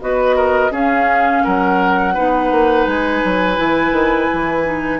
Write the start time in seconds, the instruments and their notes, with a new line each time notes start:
0.00 bassoon B3, clarinet F#4, oboe B4, flute D#5
0.36 oboe A#4
0.71 bassoon C#4, clarinet C#4, oboe G#4, flute F5
1.44 bassoon F#3, oboe A#4, flute F#5
2.14 bassoon B3, clarinet D#4, oboe B4
2.51 bassoon A#3
2.86 bassoon G#3, flute G#5
3.24 bassoon F#3
3.56 bassoon E3, clarinet E4
3.92 bassoon D#3
4.33 bassoon E3
4.63 clarinet D#4